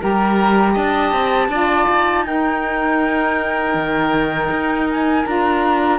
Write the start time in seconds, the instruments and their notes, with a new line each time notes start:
0.00 cello G3, saxophone G4, oboe A#4, flute A#5
0.73 cello D4, oboe D#5, flute A5
1.12 cello C4
1.48 cello D4, saxophone F4, oboe D5
1.88 cello D#4
2.24 saxophone D#4, oboe A#4, flute G5
3.74 cello D#3
4.50 cello D#4
4.90 flute G#5
5.25 cello D4, saxophone F4, flute A#5